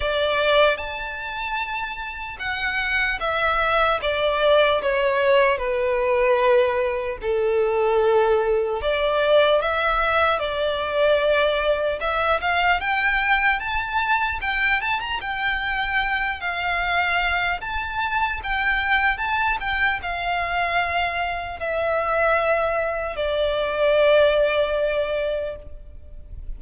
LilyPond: \new Staff \with { instrumentName = "violin" } { \time 4/4 \tempo 4 = 75 d''4 a''2 fis''4 | e''4 d''4 cis''4 b'4~ | b'4 a'2 d''4 | e''4 d''2 e''8 f''8 |
g''4 a''4 g''8 a''16 ais''16 g''4~ | g''8 f''4. a''4 g''4 | a''8 g''8 f''2 e''4~ | e''4 d''2. | }